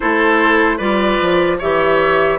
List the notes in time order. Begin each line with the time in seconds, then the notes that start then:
0.00 A3 E4 A4 C5
0.77 G3 F4 B4 D5
1.21 F3
1.58 E3 G4 C#5 E5